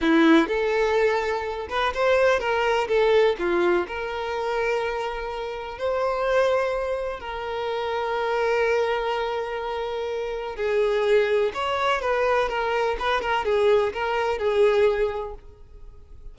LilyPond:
\new Staff \with { instrumentName = "violin" } { \time 4/4 \tempo 4 = 125 e'4 a'2~ a'8 b'8 | c''4 ais'4 a'4 f'4 | ais'1 | c''2. ais'4~ |
ais'1~ | ais'2 gis'2 | cis''4 b'4 ais'4 b'8 ais'8 | gis'4 ais'4 gis'2 | }